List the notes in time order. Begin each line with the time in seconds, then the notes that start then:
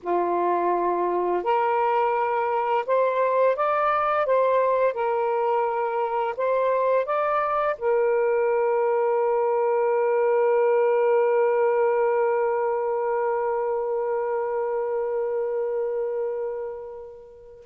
0.03 F4
1.43 A#4
2.86 C5
3.56 D5
4.25 C5
4.93 A#4
6.37 C5
7.05 D5
7.78 A#4